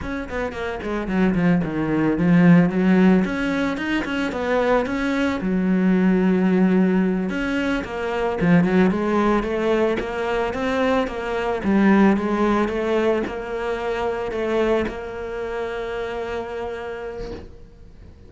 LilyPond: \new Staff \with { instrumentName = "cello" } { \time 4/4 \tempo 4 = 111 cis'8 b8 ais8 gis8 fis8 f8 dis4 | f4 fis4 cis'4 dis'8 cis'8 | b4 cis'4 fis2~ | fis4. cis'4 ais4 f8 |
fis8 gis4 a4 ais4 c'8~ | c'8 ais4 g4 gis4 a8~ | a8 ais2 a4 ais8~ | ais1 | }